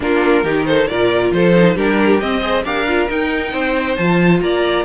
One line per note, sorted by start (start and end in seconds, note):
0.00 0.43 A#3
0.00 0.44 D4
0.00 0.43 F4
0.00 0.65 A#4
0.43 0.87 D#3
0.43 0.88 D#4
0.43 0.66 G4
0.65 0.89 A4
0.65 0.87 C5
0.87 1.31 A#2
0.87 1.54 F4
0.87 1.33 A#4
0.87 1.31 D5
1.31 1.75 F3
1.31 1.75 A4
1.31 1.76 C5
1.55 1.76 D#4
1.75 2.20 G3
1.75 2.21 D4
1.75 2.41 G4
1.75 2.20 A#4
2.20 2.64 C4
2.20 2.41 C4
2.20 2.64 D#5
2.41 2.63 G#4
2.41 2.64 C5
2.64 3.08 D4
2.64 2.87 G4
2.64 3.52 A#4
2.64 3.08 F5
2.87 3.08 F4
3.08 3.96 D#4
3.08 3.52 D#4
3.08 3.96 G5
3.52 3.96 C4
3.52 4.40 C5
3.96 4.41 F3
3.96 4.85 F4
3.96 4.40 A5
4.41 4.85 A#3
4.41 4.85 D5
4.41 4.85 A#5